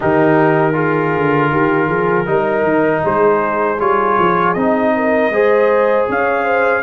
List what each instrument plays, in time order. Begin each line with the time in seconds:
0.00 tuba D#3, trombone D#4, horn G4, trumpet A#4
0.73 trombone F4, horn G#4
1.16 tuba D3
1.51 tuba D#3, horn G4
1.87 tuba F3, horn G#4
2.25 tuba G3, trombone D#4, horn A#4
2.63 tuba D#3
3.03 tuba G#3, horn G#4, trumpet C5
3.79 tuba G3, trombone F4, trumpet C#5
4.19 tuba F3
4.53 tuba C4, trombone D#4, trumpet D#5
4.95 horn A#4
5.30 tuba G#3, trombone G#4, horn C5
6.08 tuba C#4, horn C#5, trumpet F5
6.44 horn C5